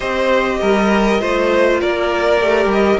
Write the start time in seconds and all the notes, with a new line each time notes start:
0.00 C4 G4 C5 D#5
0.61 G3 A#4
1.19 A3 F4 C5
1.80 A#3 A#4 D5
2.40 A3 G4
2.65 G3
2.72 D#5